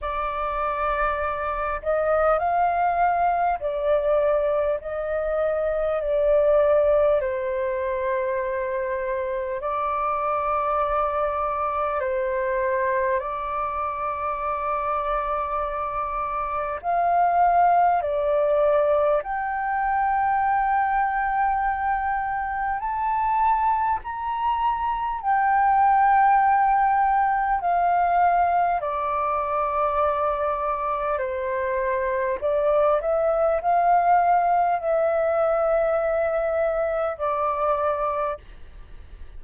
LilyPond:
\new Staff \with { instrumentName = "flute" } { \time 4/4 \tempo 4 = 50 d''4. dis''8 f''4 d''4 | dis''4 d''4 c''2 | d''2 c''4 d''4~ | d''2 f''4 d''4 |
g''2. a''4 | ais''4 g''2 f''4 | d''2 c''4 d''8 e''8 | f''4 e''2 d''4 | }